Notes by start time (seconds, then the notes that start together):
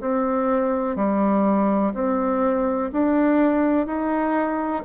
0.00 C4
0.96 G3
1.94 C4
2.92 D4
3.86 D#4